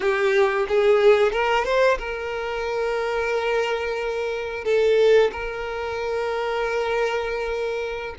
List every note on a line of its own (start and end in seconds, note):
0.00 0.66 G4
0.68 1.32 G#4
1.32 1.64 A#4
1.64 1.98 C5
1.98 4.64 A#4
4.64 5.31 A4
5.32 8.15 A#4